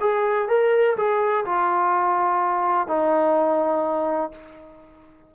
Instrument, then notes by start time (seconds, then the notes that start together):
trombone
0.00 G#4
0.48 A#4
0.96 G#4
1.45 F4
2.87 D#4